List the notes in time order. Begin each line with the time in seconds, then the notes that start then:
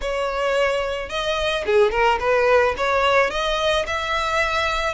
0.01 C#5
1.09 D#5
1.65 G#4
1.91 A#4
2.19 B4
2.77 C#5
3.30 D#5
3.86 E5